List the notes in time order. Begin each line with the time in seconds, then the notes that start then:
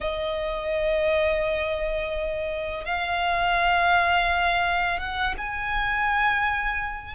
0.01 D#5
2.84 F5
4.99 F#5
5.37 G#5